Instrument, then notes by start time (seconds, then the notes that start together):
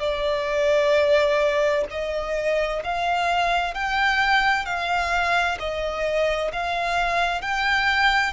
violin
0.00 D5
1.90 D#5
2.84 F5
3.74 G5
4.65 F5
5.59 D#5
6.52 F5
7.41 G5